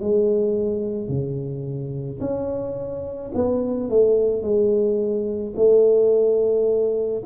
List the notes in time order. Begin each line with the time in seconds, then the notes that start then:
0.00 G#3
1.08 C#3
2.20 C#4
3.34 B3
3.89 A3
4.42 G#3
5.56 A3